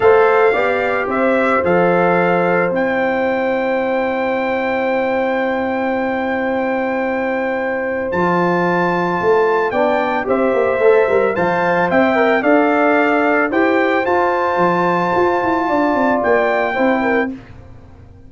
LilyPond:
<<
  \new Staff \with { instrumentName = "trumpet" } { \time 4/4 \tempo 4 = 111 f''2 e''4 f''4~ | f''4 g''2.~ | g''1~ | g''2. a''4~ |
a''2 g''4 e''4~ | e''4 a''4 g''4 f''4~ | f''4 g''4 a''2~ | a''2 g''2 | }
  \new Staff \with { instrumentName = "horn" } { \time 4/4 c''4 d''4 c''2~ | c''1~ | c''1~ | c''1~ |
c''2 d''4 c''4~ | c''4 f''4 e''4 d''4~ | d''4 c''2.~ | c''4 d''2 c''8 ais'8 | }
  \new Staff \with { instrumentName = "trombone" } { \time 4/4 a'4 g'2 a'4~ | a'4 e'2.~ | e'1~ | e'2. f'4~ |
f'2 d'4 g'4 | a'8 ais'8 c''4. ais'8 a'4~ | a'4 g'4 f'2~ | f'2. e'4 | }
  \new Staff \with { instrumentName = "tuba" } { \time 4/4 a4 b4 c'4 f4~ | f4 c'2.~ | c'1~ | c'2. f4~ |
f4 a4 b4 c'8 ais8 | a8 g8 f4 c'4 d'4~ | d'4 e'4 f'4 f4 | f'8 e'8 d'8 c'8 ais4 c'4 | }
>>